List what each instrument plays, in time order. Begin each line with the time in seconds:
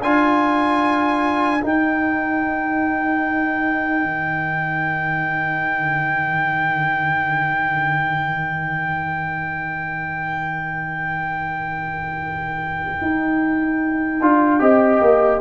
0.00 tuba D4, trombone F4, horn A#4, trumpet G#5
1.60 trombone D#4, tuba D#4, trumpet G5
4.03 tuba D#3
13.01 tuba D#4
14.20 tuba D4, trombone F4
14.60 tuba C4, trombone G4, horn D#5
15.02 tuba A#3